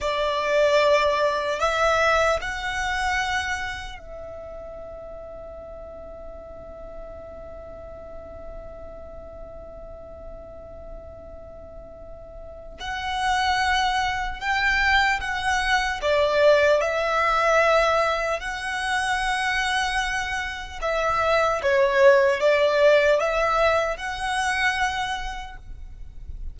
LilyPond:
\new Staff \with { instrumentName = "violin" } { \time 4/4 \tempo 4 = 75 d''2 e''4 fis''4~ | fis''4 e''2.~ | e''1~ | e''1 |
fis''2 g''4 fis''4 | d''4 e''2 fis''4~ | fis''2 e''4 cis''4 | d''4 e''4 fis''2 | }